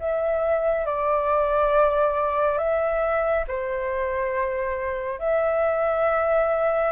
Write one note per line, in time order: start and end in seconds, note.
0.00 0.86 E5
0.86 2.58 D5
2.58 3.45 E5
3.48 5.19 C5
5.19 6.92 E5